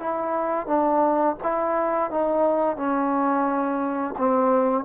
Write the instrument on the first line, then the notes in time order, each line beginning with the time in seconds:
trombone
0.00 E4
0.67 D4
1.44 E4
2.11 D#4
2.77 C#4
4.18 C4